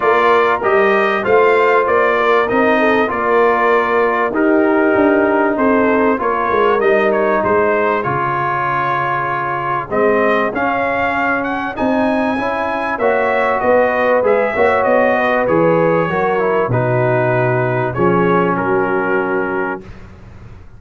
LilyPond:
<<
  \new Staff \with { instrumentName = "trumpet" } { \time 4/4 \tempo 4 = 97 d''4 dis''4 f''4 d''4 | dis''4 d''2 ais'4~ | ais'4 c''4 cis''4 dis''8 cis''8 | c''4 cis''2. |
dis''4 f''4. fis''8 gis''4~ | gis''4 e''4 dis''4 e''4 | dis''4 cis''2 b'4~ | b'4 cis''4 ais'2 | }
  \new Staff \with { instrumentName = "horn" } { \time 4/4 ais'2 c''4. ais'8~ | ais'8 a'8 ais'2 g'4~ | g'4 a'4 ais'2 | gis'1~ |
gis'1~ | gis'4 cis''4 b'4. cis''8~ | cis''8 b'4. ais'4 fis'4~ | fis'4 gis'4 fis'2 | }
  \new Staff \with { instrumentName = "trombone" } { \time 4/4 f'4 g'4 f'2 | dis'4 f'2 dis'4~ | dis'2 f'4 dis'4~ | dis'4 f'2. |
c'4 cis'2 dis'4 | e'4 fis'2 gis'8 fis'8~ | fis'4 gis'4 fis'8 e'8 dis'4~ | dis'4 cis'2. | }
  \new Staff \with { instrumentName = "tuba" } { \time 4/4 ais4 g4 a4 ais4 | c'4 ais2 dis'4 | d'4 c'4 ais8 gis8 g4 | gis4 cis2. |
gis4 cis'2 c'4 | cis'4 ais4 b4 gis8 ais8 | b4 e4 fis4 b,4~ | b,4 f4 fis2 | }
>>